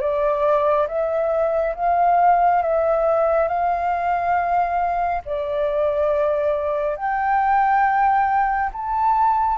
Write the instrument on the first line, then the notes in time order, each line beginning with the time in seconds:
flute
0.00 D5
0.87 E5
1.75 F5
2.62 E5
3.48 F5
5.25 D5
6.96 G5
8.72 A5